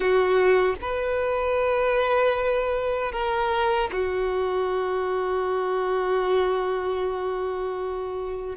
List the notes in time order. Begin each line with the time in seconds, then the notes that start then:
0.00 F#4
0.81 B4
3.12 A#4
3.92 F#4